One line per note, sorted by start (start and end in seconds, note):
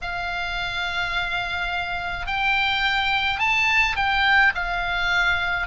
0.01 2.26 F5
2.26 3.39 G5
3.39 3.95 A5
3.96 4.52 G5
4.54 5.67 F5